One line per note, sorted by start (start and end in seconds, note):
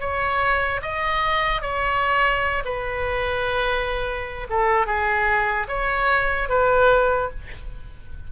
0.00 0.81 C#5
0.82 1.62 D#5
1.62 2.63 C#5
2.65 4.47 B4
4.50 4.86 A4
4.86 5.68 G#4
5.68 6.49 C#5
6.49 7.30 B4